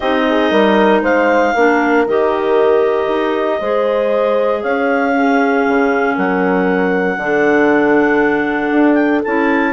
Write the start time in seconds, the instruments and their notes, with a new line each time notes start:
0.00 bassoon C4, clarinet D#4 D#5, horn G4
0.29 horn G#4
0.50 bassoon G3, horn A#4
1.02 bassoon G#3, horn C5, clarinet F5
1.54 bassoon A#3, clarinet D4, horn A#4
2.06 bassoon D#3, clarinet G4 D#5
3.08 bassoon D#4
3.60 bassoon G#3, clarinet G#4, horn C5
4.62 bassoon C#4, horn C#5, clarinet F5
5.13 clarinet C#4, horn G#4
5.68 bassoon C#3
6.15 bassoon F#3, horn A#4, clarinet F#5
7.16 bassoon D3, clarinet D4, horn A4
8.71 bassoon D4
8.94 clarinet G5
9.24 bassoon C#4, clarinet E4 A5